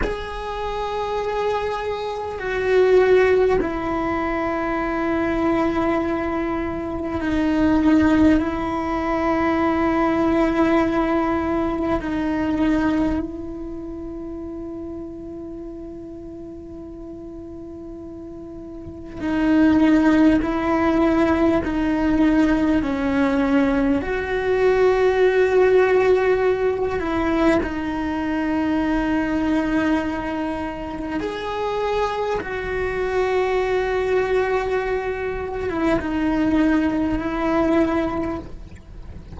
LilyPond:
\new Staff \with { instrumentName = "cello" } { \time 4/4 \tempo 4 = 50 gis'2 fis'4 e'4~ | e'2 dis'4 e'4~ | e'2 dis'4 e'4~ | e'1 |
dis'4 e'4 dis'4 cis'4 | fis'2~ fis'8 e'8 dis'4~ | dis'2 gis'4 fis'4~ | fis'4.~ fis'16 e'16 dis'4 e'4 | }